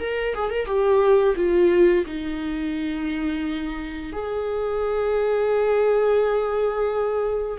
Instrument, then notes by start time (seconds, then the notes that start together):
viola
0.00 A#4
0.34 G#4
0.50 A#4
0.66 G4
1.36 F4
2.06 D#4
4.13 G#4